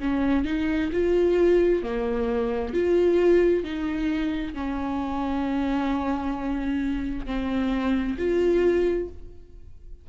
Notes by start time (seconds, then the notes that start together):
0.00 C#4
0.45 D#4
0.93 F4
1.83 A#3
2.74 F4
3.64 D#4
4.55 C#4
7.26 C4
8.18 F4